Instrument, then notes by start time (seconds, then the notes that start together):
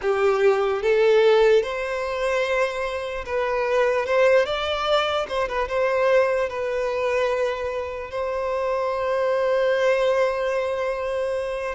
violin
0.01 G4
0.82 A4
1.62 C5
3.25 B4
4.05 C5
4.45 D5
5.28 C5
5.48 B4
5.68 C5
6.49 B4
8.10 C5